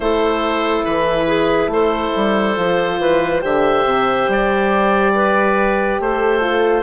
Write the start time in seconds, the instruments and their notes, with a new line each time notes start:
0.00 bassoon A3, horn E4, clarinet A4, oboe C5
0.84 bassoon E3, oboe B4
1.26 clarinet G#4
1.67 bassoon A3, clarinet A4, oboe C5
2.16 bassoon G3
2.55 bassoon F3, horn F4
2.99 bassoon E3, clarinet B4
3.41 bassoon D3, horn G4, clarinet C5, oboe E5
3.84 bassoon C3
4.28 bassoon G3, oboe D5
5.14 clarinet B4
5.99 bassoon A3, clarinet A4, oboe C5
6.40 horn F4